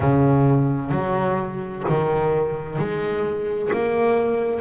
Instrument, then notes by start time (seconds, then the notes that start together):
double bass
0.00 C#3
0.91 F#3
1.88 D#3
2.78 G#3
3.72 A#3